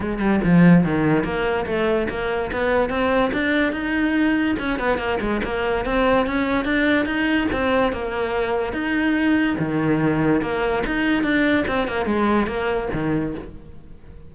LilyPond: \new Staff \with { instrumentName = "cello" } { \time 4/4 \tempo 4 = 144 gis8 g8 f4 dis4 ais4 | a4 ais4 b4 c'4 | d'4 dis'2 cis'8 b8 | ais8 gis8 ais4 c'4 cis'4 |
d'4 dis'4 c'4 ais4~ | ais4 dis'2 dis4~ | dis4 ais4 dis'4 d'4 | c'8 ais8 gis4 ais4 dis4 | }